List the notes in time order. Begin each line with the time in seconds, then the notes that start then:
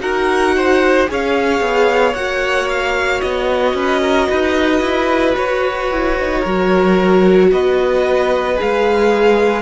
0.00 D#4 F#4 A#4 F#5
0.56 C5
1.07 C#4 G#4 C#5 F5
1.61 B3
2.15 A#3 F#4 F#5
2.69 F5
3.21 B3 D#5
3.74 C#4 B4
4.02 A#4
4.29 D#4 B4
4.81 E4
5.36 F#4 C#5
5.91 E4
6.20 D#4
6.41 F#3 F#4 A#4
7.52 B3 B4 D#5
8.56 G#4 F5
8.62 G#3